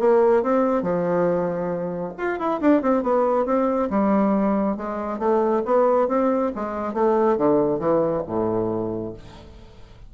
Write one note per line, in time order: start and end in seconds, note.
0.00 0.43 A#3
0.43 0.83 C4
0.83 2.13 F3
2.18 2.39 F4
2.39 2.61 E4
2.61 2.82 D4
2.82 3.03 C4
3.03 3.46 B3
3.46 3.90 C4
3.91 4.77 G3
4.77 5.20 G#3
5.20 5.63 A3
5.66 6.08 B3
6.08 6.52 C4
6.56 6.94 G#3
6.94 7.38 A3
7.38 7.80 D3
7.80 8.23 E3
8.27 9.14 A2